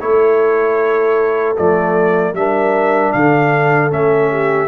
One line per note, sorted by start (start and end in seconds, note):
0.00 1.57 A3
0.00 1.56 E4
0.00 2.35 A4
0.00 1.56 C#5
1.57 2.33 F3
1.57 2.36 A3
1.57 2.35 D5
2.33 3.11 G3
2.33 3.90 D4
2.33 3.14 A#4
2.33 3.12 E5
3.12 3.92 D3
3.12 4.31 A4
3.12 3.90 F5
3.90 4.68 A3
3.90 4.68 C#4
3.90 4.68 E5
4.31 4.68 G4